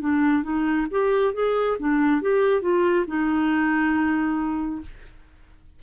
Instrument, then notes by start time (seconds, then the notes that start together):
clarinet
0.00 D4
0.43 D#4
0.91 G4
1.34 G#4
1.79 D4
2.22 G4
2.62 F4
3.07 D#4